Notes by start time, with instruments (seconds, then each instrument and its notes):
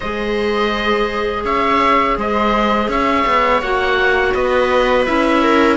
0.00 cello G#3, clarinet G#4, viola C5, oboe D#5
1.44 cello C#4, viola C#5, oboe E5
2.17 cello G#3, viola C5, oboe D#5
2.88 cello C#4, viola C#5, oboe E5
3.26 cello B3
3.61 cello A#3, clarinet F#4, oboe F#5
4.34 cello B3, viola B4, oboe D#5
5.05 cello C#4, clarinet E4, oboe E5
5.42 viola A#4